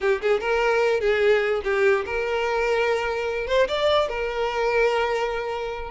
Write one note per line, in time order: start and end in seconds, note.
0.00 0.21 G4
0.21 0.40 G#4
0.40 1.00 A#4
1.00 1.61 G#4
1.64 2.05 G4
2.05 3.47 A#4
3.47 3.67 C5
3.67 4.08 D5
4.08 5.90 A#4